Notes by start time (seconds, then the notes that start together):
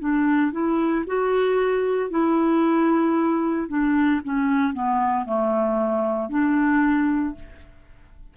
0.00 D4
0.52 E4
1.07 F#4
2.10 E4
3.68 D4
4.24 C#4
4.74 B3
5.25 A3
6.29 D4